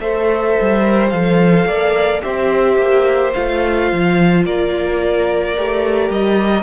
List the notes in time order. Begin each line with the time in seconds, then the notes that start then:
0.00 A3 A4 C5 E5
0.61 G3
0.82 A#4
1.09 F3 A4 F5
1.66 A#3 D5
2.22 C4 G4 C5 E5
2.77 A#3
3.33 A3 F4 F5
3.92 F3
4.44 A#3 A#4 D5
5.57 A3 G4
6.10 G3 D#5